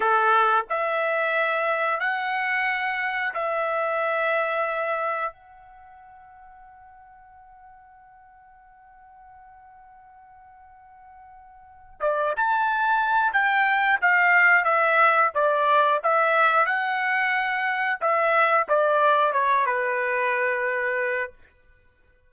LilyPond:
\new Staff \with { instrumentName = "trumpet" } { \time 4/4 \tempo 4 = 90 a'4 e''2 fis''4~ | fis''4 e''2. | fis''1~ | fis''1~ |
fis''2 d''8 a''4. | g''4 f''4 e''4 d''4 | e''4 fis''2 e''4 | d''4 cis''8 b'2~ b'8 | }